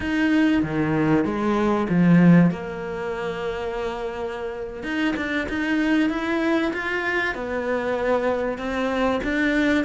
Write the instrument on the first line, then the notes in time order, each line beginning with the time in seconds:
cello
0.00 D#4
0.62 D#3
1.24 G#3
1.89 F3
2.50 A#3
4.83 D#4
5.16 D4
5.49 D#4
6.09 E4
6.73 F4
7.34 B3
8.57 C4
9.23 D4